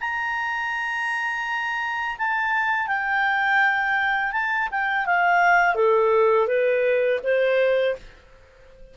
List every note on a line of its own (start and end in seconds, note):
0.00 2.17 A#5
2.18 2.88 A5
2.88 4.32 G5
4.32 4.68 A5
4.71 5.05 G5
5.05 5.75 F5
5.75 6.47 A4
6.47 7.20 B4
7.23 7.96 C5